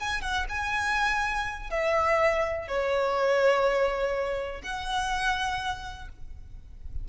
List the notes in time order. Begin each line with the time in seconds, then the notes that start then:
0.00 G#5
0.22 F#5
0.49 G#5
1.71 E5
2.69 C#5
4.63 F#5